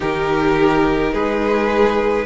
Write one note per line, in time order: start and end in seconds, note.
0.00 1.13 D#3
0.00 2.25 D#4
0.00 1.12 G4
0.00 1.14 A#4
1.13 2.25 G#3
1.13 2.25 G#4
1.13 2.25 B4